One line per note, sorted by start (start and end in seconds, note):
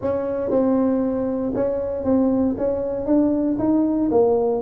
0.01 0.50 C#4
0.50 1.52 C4
1.55 2.04 C#4
2.04 2.55 C4
2.57 3.06 C#4
3.06 3.57 D4
3.59 4.10 D#4
4.11 4.61 A#3